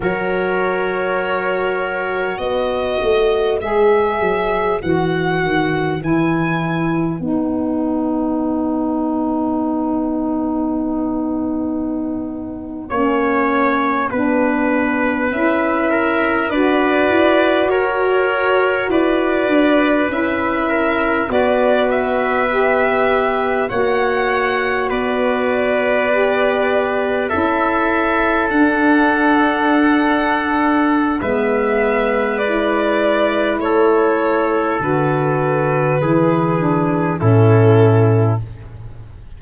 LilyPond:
<<
  \new Staff \with { instrumentName = "violin" } { \time 4/4 \tempo 4 = 50 cis''2 dis''4 e''4 | fis''4 gis''4 fis''2~ | fis''1~ | fis''8. e''4 d''4 cis''4 d''16~ |
d''8. e''4 d''8 e''4. fis''16~ | fis''8. d''2 e''4 fis''16~ | fis''2 e''4 d''4 | cis''4 b'2 a'4 | }
  \new Staff \with { instrumentName = "trumpet" } { \time 4/4 ais'2 b'2~ | b'1~ | b'2~ b'8. cis''4 b'16~ | b'4~ b'16 ais'8 b'4 ais'4 b'16~ |
b'4~ b'16 ais'8 b'2 cis''16~ | cis''8. b'2 a'4~ a'16~ | a'2 b'2 | a'2 gis'4 e'4 | }
  \new Staff \with { instrumentName = "saxophone" } { \time 4/4 fis'2. gis'4 | fis'4 e'4 dis'2~ | dis'2~ dis'8. cis'4 d'16~ | d'8. e'4 fis'2~ fis'16~ |
fis'8. e'4 fis'4 g'4 fis'16~ | fis'4.~ fis'16 g'4 e'4 d'16~ | d'2 b4 e'4~ | e'4 fis'4 e'8 d'8 cis'4 | }
  \new Staff \with { instrumentName = "tuba" } { \time 4/4 fis2 b8 a8 gis8 fis8 | e8 dis8 e4 b2~ | b2~ b8. ais4 b16~ | b8. cis'4 d'8 e'8 fis'4 e'16~ |
e'16 d'8 cis'4 b2 ais16~ | ais8. b2 cis'4 d'16~ | d'2 gis2 | a4 d4 e4 a,4 | }
>>